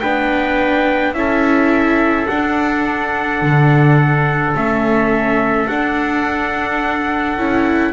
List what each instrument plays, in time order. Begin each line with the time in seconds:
0.00 double bass B3, viola D4, trumpet B4 G5
1.13 double bass C#4, viola E4, trumpet A4 E5
2.27 double bass D4, viola D4, trumpet F#5
3.42 double bass D3
4.54 double bass A3, viola C#4, trumpet E5
5.68 viola D4, double bass D4, trumpet F#5
7.37 double bass C#4, viola E4